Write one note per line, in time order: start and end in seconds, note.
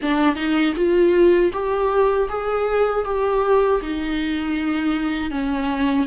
0.02 0.35 D4
0.35 0.73 D#4
0.76 1.52 F4
1.52 2.28 G4
2.29 3.04 G#4
3.04 3.80 G4
3.81 5.30 D#4
5.30 6.06 C#4